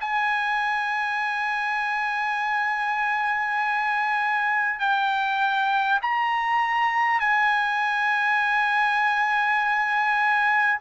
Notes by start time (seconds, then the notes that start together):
0.00 G#5
4.79 G5
6.02 A#5
7.19 G#5